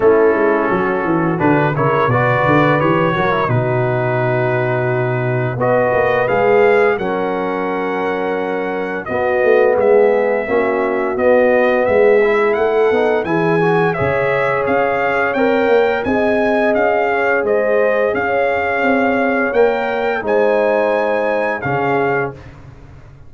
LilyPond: <<
  \new Staff \with { instrumentName = "trumpet" } { \time 4/4 \tempo 4 = 86 a'2 b'8 cis''8 d''4 | cis''4 b'2. | dis''4 f''4 fis''2~ | fis''4 dis''4 e''2 |
dis''4 e''4 fis''4 gis''4 | e''4 f''4 g''4 gis''4 | f''4 dis''4 f''2 | g''4 gis''2 f''4 | }
  \new Staff \with { instrumentName = "horn" } { \time 4/4 e'4 fis'4. ais'8 b'4~ | b'8 ais'8 fis'2. | b'2 ais'2~ | ais'4 fis'4 gis'4 fis'4~ |
fis'4 gis'4 a'4 gis'4 | cis''2. dis''4~ | dis''8 cis''8 c''4 cis''2~ | cis''4 c''2 gis'4 | }
  \new Staff \with { instrumentName = "trombone" } { \time 4/4 cis'2 d'8 e'8 fis'4 | g'8 fis'16 e'16 dis'2. | fis'4 gis'4 cis'2~ | cis'4 b2 cis'4 |
b4. e'4 dis'8 e'8 fis'8 | gis'2 ais'4 gis'4~ | gis'1 | ais'4 dis'2 cis'4 | }
  \new Staff \with { instrumentName = "tuba" } { \time 4/4 a8 gis8 fis8 e8 d8 cis8 b,8 d8 | e8 fis8 b,2. | b8 ais8 gis4 fis2~ | fis4 b8 a8 gis4 ais4 |
b4 gis4 a8 b8 e4 | cis4 cis'4 c'8 ais8 c'4 | cis'4 gis4 cis'4 c'4 | ais4 gis2 cis4 | }
>>